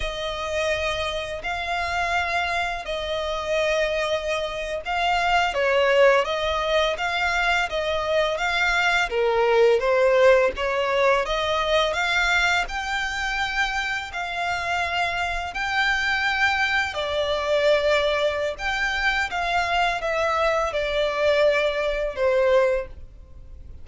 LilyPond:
\new Staff \with { instrumentName = "violin" } { \time 4/4 \tempo 4 = 84 dis''2 f''2 | dis''2~ dis''8. f''4 cis''16~ | cis''8. dis''4 f''4 dis''4 f''16~ | f''8. ais'4 c''4 cis''4 dis''16~ |
dis''8. f''4 g''2 f''16~ | f''4.~ f''16 g''2 d''16~ | d''2 g''4 f''4 | e''4 d''2 c''4 | }